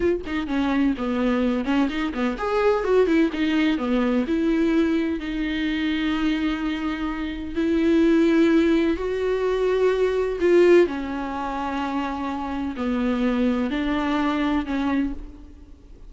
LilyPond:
\new Staff \with { instrumentName = "viola" } { \time 4/4 \tempo 4 = 127 f'8 dis'8 cis'4 b4. cis'8 | dis'8 b8 gis'4 fis'8 e'8 dis'4 | b4 e'2 dis'4~ | dis'1 |
e'2. fis'4~ | fis'2 f'4 cis'4~ | cis'2. b4~ | b4 d'2 cis'4 | }